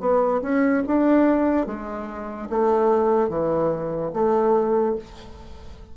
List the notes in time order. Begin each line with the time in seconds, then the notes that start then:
0.00 B3
0.42 C#4
0.87 D4
1.66 G#3
2.50 A3
3.29 E3
4.14 A3